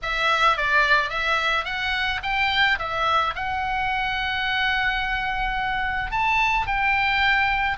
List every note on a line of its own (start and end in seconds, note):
0.02 0.57 E5
0.57 1.09 D5
1.09 1.64 E5
1.64 2.20 F#5
2.22 2.78 G5
2.79 3.34 E5
3.35 6.11 F#5
6.11 6.67 A5
6.67 7.77 G5